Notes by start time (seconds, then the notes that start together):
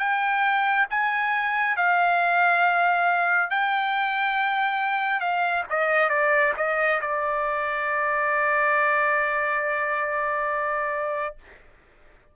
0.00 G5
0.91 G#5
1.77 F5
3.51 G5
5.21 F5
5.70 D#5
6.10 D5
6.58 D#5
7.01 D5